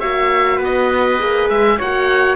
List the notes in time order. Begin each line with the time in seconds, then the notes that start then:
0.00 A#3 F#4 C#5 E5
0.57 B3 B4
0.64 D#5
1.19 A#3 G#4
1.49 G#3 E5
1.78 A#3 F#4 C#5 F#5